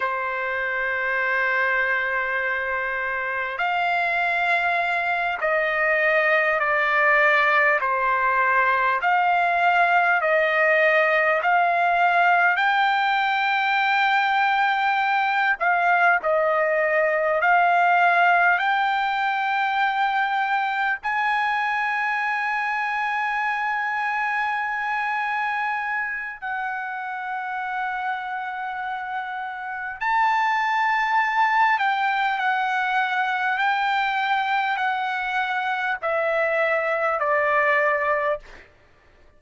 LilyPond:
\new Staff \with { instrumentName = "trumpet" } { \time 4/4 \tempo 4 = 50 c''2. f''4~ | f''8 dis''4 d''4 c''4 f''8~ | f''8 dis''4 f''4 g''4.~ | g''4 f''8 dis''4 f''4 g''8~ |
g''4. gis''2~ gis''8~ | gis''2 fis''2~ | fis''4 a''4. g''8 fis''4 | g''4 fis''4 e''4 d''4 | }